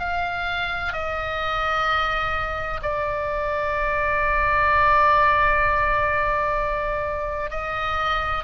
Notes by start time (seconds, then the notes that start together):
0.00 F5
0.93 D#5
2.83 D5
7.51 D#5